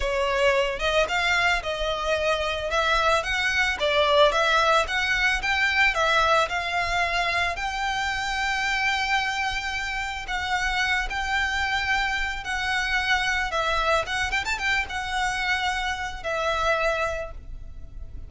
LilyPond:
\new Staff \with { instrumentName = "violin" } { \time 4/4 \tempo 4 = 111 cis''4. dis''8 f''4 dis''4~ | dis''4 e''4 fis''4 d''4 | e''4 fis''4 g''4 e''4 | f''2 g''2~ |
g''2. fis''4~ | fis''8 g''2~ g''8 fis''4~ | fis''4 e''4 fis''8 g''16 a''16 g''8 fis''8~ | fis''2 e''2 | }